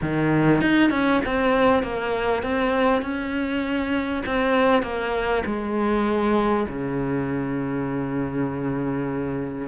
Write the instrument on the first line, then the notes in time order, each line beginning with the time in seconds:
cello
0.01 D#3
0.61 D#4
0.90 C#4
1.25 C4
1.82 A#3
2.42 C4
3.02 C#4
4.26 C4
4.82 A#3
5.45 G#3
6.68 C#3